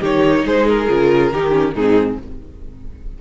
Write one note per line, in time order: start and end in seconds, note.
0.00 0.45 D#3
0.00 0.88 D#4
0.00 0.44 G4
0.00 0.47 C#5
0.45 0.88 G#3
0.45 1.33 G#4
0.45 0.68 C5
0.68 1.75 A#4
0.88 1.33 C#3
0.88 1.32 F4
1.33 1.75 D#3
1.33 1.51 D#4
1.33 1.75 G4
1.51 1.73 C#4
1.75 2.19 G#2
1.75 2.21 C4
1.75 2.18 D#4
1.75 2.19 G#4